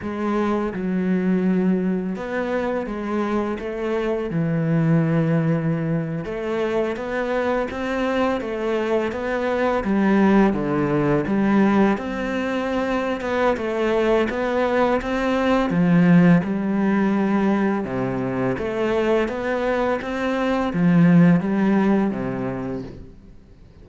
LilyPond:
\new Staff \with { instrumentName = "cello" } { \time 4/4 \tempo 4 = 84 gis4 fis2 b4 | gis4 a4 e2~ | e8. a4 b4 c'4 a16~ | a8. b4 g4 d4 g16~ |
g8. c'4.~ c'16 b8 a4 | b4 c'4 f4 g4~ | g4 c4 a4 b4 | c'4 f4 g4 c4 | }